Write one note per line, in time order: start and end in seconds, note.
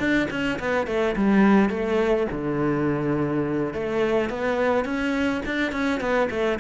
0.00 0.29 D4
0.31 0.59 C#4
0.60 0.87 B3
0.87 1.16 A3
1.16 1.70 G3
1.70 2.27 A3
2.32 3.74 D3
3.74 4.30 A3
4.30 4.85 B3
4.85 5.42 C#4
5.46 5.73 D4
5.73 6.01 C#4
6.01 6.29 B3
6.31 6.59 A3